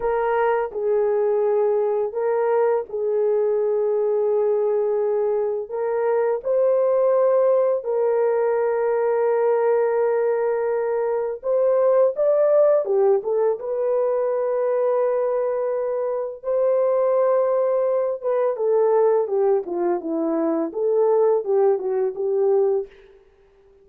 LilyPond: \new Staff \with { instrumentName = "horn" } { \time 4/4 \tempo 4 = 84 ais'4 gis'2 ais'4 | gis'1 | ais'4 c''2 ais'4~ | ais'1 |
c''4 d''4 g'8 a'8 b'4~ | b'2. c''4~ | c''4. b'8 a'4 g'8 f'8 | e'4 a'4 g'8 fis'8 g'4 | }